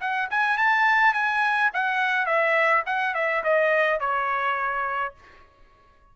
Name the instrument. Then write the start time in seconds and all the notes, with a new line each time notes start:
trumpet
0.00 F#5
0.30 G#5
0.57 A5
1.14 G#5
1.74 F#5
2.26 E5
2.86 F#5
3.14 E5
3.43 D#5
4.00 C#5